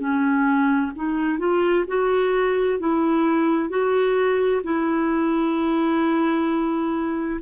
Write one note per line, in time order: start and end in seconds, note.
0.00 0.92 C#4
0.96 1.39 D#4
1.39 1.85 F4
1.88 2.80 F#4
2.80 3.70 E4
3.70 4.62 F#4
4.64 7.41 E4